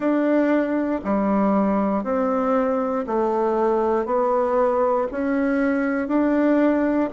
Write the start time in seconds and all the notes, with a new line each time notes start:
0.00 D4
1.04 G3
2.03 C4
3.06 A3
4.05 B3
5.11 C#4
6.07 D4